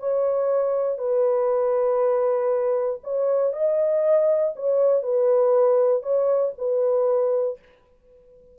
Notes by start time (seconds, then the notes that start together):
0.00 C#5
0.98 B4
3.04 C#5
3.53 D#5
4.56 C#5
5.03 B4
6.03 C#5
6.58 B4